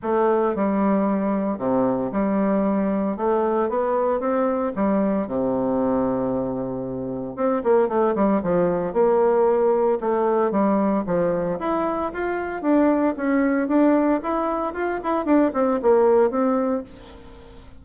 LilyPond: \new Staff \with { instrumentName = "bassoon" } { \time 4/4 \tempo 4 = 114 a4 g2 c4 | g2 a4 b4 | c'4 g4 c2~ | c2 c'8 ais8 a8 g8 |
f4 ais2 a4 | g4 f4 e'4 f'4 | d'4 cis'4 d'4 e'4 | f'8 e'8 d'8 c'8 ais4 c'4 | }